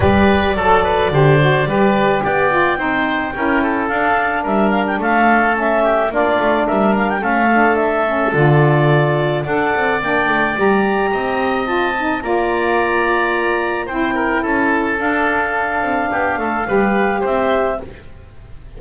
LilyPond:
<<
  \new Staff \with { instrumentName = "clarinet" } { \time 4/4 \tempo 4 = 108 d''1 | g''2. f''4 | e''8 f''16 g''16 f''4 e''4 d''4 | e''8 f''16 g''16 f''4 e''4 d''4~ |
d''4 fis''4 g''4 ais''4~ | ais''4 a''4 ais''2~ | ais''4 g''4 a''4 f''4~ | f''2. e''4 | }
  \new Staff \with { instrumentName = "oboe" } { \time 4/4 b'4 a'8 b'8 c''4 b'4 | d''4 c''4 ais'8 a'4. | ais'4 a'4. g'8 f'4 | ais'4 a'2.~ |
a'4 d''2. | dis''2 d''2~ | d''4 c''8 ais'8 a'2~ | a'4 g'8 a'8 b'4 c''4 | }
  \new Staff \with { instrumentName = "saxophone" } { \time 4/4 g'4 a'4 g'8 fis'8 g'4~ | g'8 f'8 dis'4 e'4 d'4~ | d'2 cis'4 d'4~ | d'4 cis'8 d'4 cis'8 f'4~ |
f'4 a'4 d'4 g'4~ | g'4 f'8 dis'8 f'2~ | f'4 e'2 d'4~ | d'2 g'2 | }
  \new Staff \with { instrumentName = "double bass" } { \time 4/4 g4 fis4 d4 g4 | b4 c'4 cis'4 d'4 | g4 a2 ais8 a8 | g4 a2 d4~ |
d4 d'8 c'8 ais8 a8 g4 | c'2 ais2~ | ais4 c'4 cis'4 d'4~ | d'8 c'8 b8 a8 g4 c'4 | }
>>